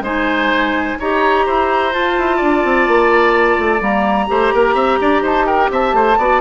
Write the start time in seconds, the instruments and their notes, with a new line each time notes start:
0.00 bassoon G#3, clarinet D#4, oboe C5, flute G#5
0.99 bassoon D#4, clarinet G4, oboe C#5, flute A#5
1.46 bassoon E4, oboe C5
1.92 clarinet F4, bassoon F4, flute A5
2.18 bassoon E4
2.36 bassoon D4, oboe D5
2.64 bassoon C4
2.87 bassoon A#3
3.58 bassoon A3
3.79 bassoon G3, clarinet A#3, flute A#5
4.27 bassoon A3, clarinet G4, oboe C5
4.54 bassoon A#3, oboe A#4
4.74 bassoon C4, oboe E5
5.01 bassoon D4, oboe D5
5.22 bassoon D#4, oboe C5, flute A5
5.46 oboe A#4, flute G5
5.71 bassoon C4, oboe E5, flute A5
5.93 bassoon A3, oboe C5
6.18 bassoon B3, clarinet F#4, oboe D5